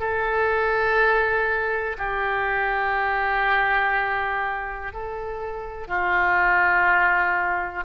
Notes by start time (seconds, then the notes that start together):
0.00 A4
1.98 G4
4.93 A4
5.87 F4